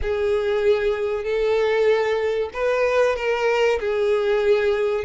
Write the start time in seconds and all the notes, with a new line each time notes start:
0.01 G#4
1.23 A4
2.53 B4
3.16 A#4
3.80 G#4